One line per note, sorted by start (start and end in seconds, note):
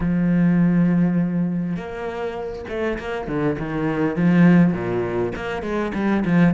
0.00 1.76 F3
1.76 2.65 A#3
2.68 2.98 A3
2.98 3.27 A#3
3.27 3.57 D3
3.58 4.16 D#3
4.16 4.73 F3
4.73 5.32 A#2
5.35 5.62 A#3
5.62 5.92 G#3
5.94 6.24 G3
6.25 6.53 F3